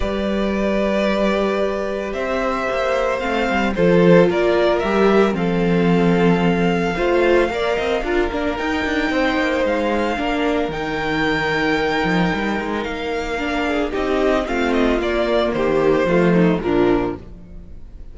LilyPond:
<<
  \new Staff \with { instrumentName = "violin" } { \time 4/4 \tempo 4 = 112 d''1 | e''2 f''4 c''4 | d''4 e''4 f''2~ | f''1 |
g''2 f''2 | g''1 | f''2 dis''4 f''8 dis''8 | d''4 c''2 ais'4 | }
  \new Staff \with { instrumentName = "violin" } { \time 4/4 b'1 | c''2. a'4 | ais'2 a'2~ | a'4 c''4 d''8 dis''8 ais'4~ |
ais'4 c''2 ais'4~ | ais'1~ | ais'4. gis'8 g'4 f'4~ | f'4 g'4 f'8 dis'8 d'4 | }
  \new Staff \with { instrumentName = "viola" } { \time 4/4 g'1~ | g'2 c'4 f'4~ | f'4 g'4 c'2~ | c'4 f'4 ais'4 f'8 d'8 |
dis'2. d'4 | dis'1~ | dis'4 d'4 dis'4 c'4 | ais2 a4 f4 | }
  \new Staff \with { instrumentName = "cello" } { \time 4/4 g1 | c'4 ais4 a8 g8 f4 | ais4 g4 f2~ | f4 a4 ais8 c'8 d'8 ais8 |
dis'8 d'8 c'8 ais8 gis4 ais4 | dis2~ dis8 f8 g8 gis8 | ais2 c'4 a4 | ais4 dis4 f4 ais,4 | }
>>